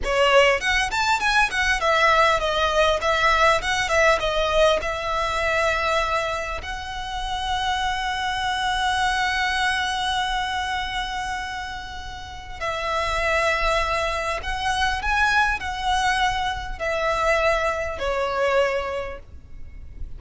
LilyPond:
\new Staff \with { instrumentName = "violin" } { \time 4/4 \tempo 4 = 100 cis''4 fis''8 a''8 gis''8 fis''8 e''4 | dis''4 e''4 fis''8 e''8 dis''4 | e''2. fis''4~ | fis''1~ |
fis''1~ | fis''4 e''2. | fis''4 gis''4 fis''2 | e''2 cis''2 | }